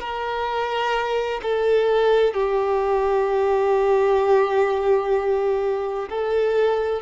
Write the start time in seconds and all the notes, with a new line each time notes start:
0.00 A#4
1.42 A4
2.34 G4
6.09 A4